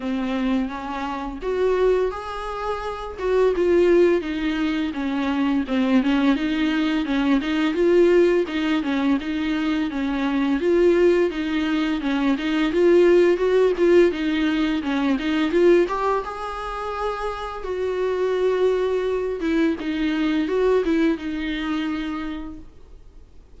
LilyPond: \new Staff \with { instrumentName = "viola" } { \time 4/4 \tempo 4 = 85 c'4 cis'4 fis'4 gis'4~ | gis'8 fis'8 f'4 dis'4 cis'4 | c'8 cis'8 dis'4 cis'8 dis'8 f'4 | dis'8 cis'8 dis'4 cis'4 f'4 |
dis'4 cis'8 dis'8 f'4 fis'8 f'8 | dis'4 cis'8 dis'8 f'8 g'8 gis'4~ | gis'4 fis'2~ fis'8 e'8 | dis'4 fis'8 e'8 dis'2 | }